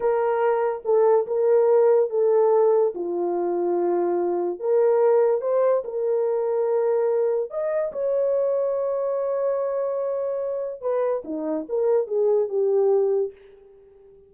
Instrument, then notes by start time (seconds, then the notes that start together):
horn
0.00 A#4
0.84 A4
1.26 A#4
2.09 A4
2.95 F4
4.59 A#4
5.41 C5
5.84 A#4
7.50 D#5
7.92 C#5
10.81 B4
11.24 D#4
11.68 A#4
12.07 G#4
12.48 G4